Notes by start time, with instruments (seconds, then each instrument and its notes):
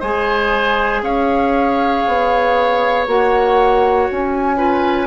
0.00 bassoon G#3, clarinet G#4, oboe C5, flute G#5
1.02 bassoon C#4, oboe C#5, flute F5
2.07 bassoon B3
3.07 bassoon A#3, clarinet F#4, flute F#5
4.10 bassoon C#4, flute G#5
4.57 clarinet F4, oboe B4